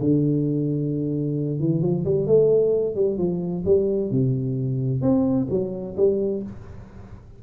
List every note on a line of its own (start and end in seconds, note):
0.00 1.60 D3
1.60 1.81 E3
1.81 2.04 F3
2.05 2.27 G3
2.27 2.95 A3
2.95 3.18 G3
3.18 3.63 F3
3.65 4.11 G3
4.11 5.01 C3
5.01 5.47 C4
5.50 5.96 F#3
5.97 6.42 G3